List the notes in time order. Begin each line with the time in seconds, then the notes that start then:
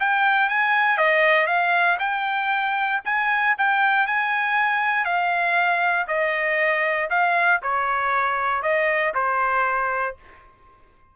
0.00 G5
0.50 G#5
0.98 D#5
1.47 F5
2.00 G5
3.05 G#5
3.58 G5
4.07 G#5
5.05 F5
6.08 D#5
7.10 F5
7.62 C#5
8.63 D#5
9.15 C5